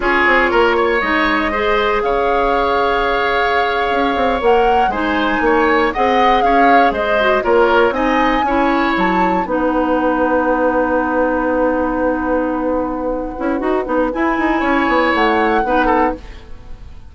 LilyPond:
<<
  \new Staff \with { instrumentName = "flute" } { \time 4/4 \tempo 4 = 119 cis''2 dis''2 | f''1~ | f''8. fis''4 gis''2 fis''16~ | fis''8. f''4 dis''4 cis''4 gis''16~ |
gis''4.~ gis''16 a''4 fis''4~ fis''16~ | fis''1~ | fis''1 | gis''2 fis''2 | }
  \new Staff \with { instrumentName = "oboe" } { \time 4/4 gis'4 ais'8 cis''4. c''4 | cis''1~ | cis''4.~ cis''16 c''4 cis''4 dis''16~ | dis''8. cis''4 c''4 ais'4 dis''16~ |
dis''8. cis''2 b'4~ b'16~ | b'1~ | b'1~ | b'4 cis''2 b'8 a'8 | }
  \new Staff \with { instrumentName = "clarinet" } { \time 4/4 f'2 dis'4 gis'4~ | gis'1~ | gis'8. ais'4 dis'2 gis'16~ | gis'2~ gis'16 fis'8 f'4 dis'16~ |
dis'8. e'2 dis'4~ dis'16~ | dis'1~ | dis'2~ dis'8 e'8 fis'8 dis'8 | e'2. dis'4 | }
  \new Staff \with { instrumentName = "bassoon" } { \time 4/4 cis'8 c'8 ais4 gis2 | cis2.~ cis8. cis'16~ | cis'16 c'8 ais4 gis4 ais4 c'16~ | c'8. cis'4 gis4 ais4 c'16~ |
c'8. cis'4 fis4 b4~ b16~ | b1~ | b2~ b8 cis'8 dis'8 b8 | e'8 dis'8 cis'8 b8 a4 b4 | }
>>